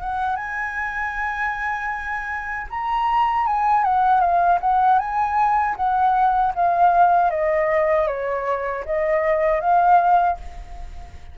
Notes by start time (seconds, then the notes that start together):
0.00 F#5
0.36 G#5
2.70 A#5
3.47 G#5
3.84 F#5
4.20 F5
4.61 F#5
4.99 G#5
5.76 F#5
6.55 F5
7.30 D#5
8.07 C#5
8.85 D#5
9.60 F5